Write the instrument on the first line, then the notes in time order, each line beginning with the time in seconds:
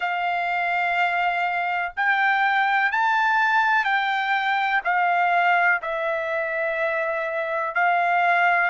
trumpet
0.00 F5
1.96 G5
2.91 A5
3.84 G5
4.84 F5
5.82 E5
7.74 F5